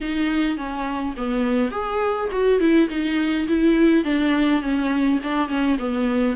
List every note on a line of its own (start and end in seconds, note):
0.00 0.57 D#4
0.57 1.14 C#4
1.17 1.71 B3
1.71 2.28 G#4
2.31 2.60 F#4
2.60 2.88 E4
2.89 3.47 D#4
3.47 4.04 E4
4.04 4.62 D4
4.62 5.19 C#4
5.23 5.48 D4
5.48 5.77 C#4
5.78 6.35 B3